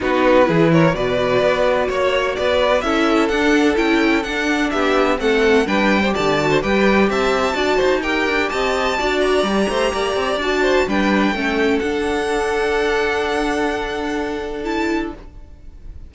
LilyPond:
<<
  \new Staff \with { instrumentName = "violin" } { \time 4/4 \tempo 4 = 127 b'4. cis''8 d''2 | cis''4 d''4 e''4 fis''4 | g''4 fis''4 e''4 fis''4 | g''4 a''4 g''4 a''4~ |
a''4 g''4 a''4. ais''8~ | ais''2 a''4 g''4~ | g''4 fis''2.~ | fis''2. a''4 | }
  \new Staff \with { instrumentName = "violin" } { \time 4/4 fis'4 gis'8 ais'8 b'2 | cis''4 b'4 a'2~ | a'2 g'4 a'4 | b'8. c''16 d''8. c''16 b'4 e''4 |
d''8 c''8 ais'4 dis''4 d''4~ | d''8 c''8 d''4. c''8 b'4 | a'1~ | a'1 | }
  \new Staff \with { instrumentName = "viola" } { \time 4/4 dis'4 e'4 fis'2~ | fis'2 e'4 d'4 | e'4 d'2 c'4 | d'8. g'8. fis'8 g'2 |
fis'4 g'2 fis'4 | g'2 fis'4 d'4 | cis'4 d'2.~ | d'2. e'4 | }
  \new Staff \with { instrumentName = "cello" } { \time 4/4 b4 e4 b,4 b4 | ais4 b4 cis'4 d'4 | cis'4 d'4 b4 a4 | g4 d4 g4 c'4 |
d'8 dis'4 d'8 c'4 d'4 | g8 a8 ais8 c'8 d'4 g4 | a4 d'2.~ | d'1 | }
>>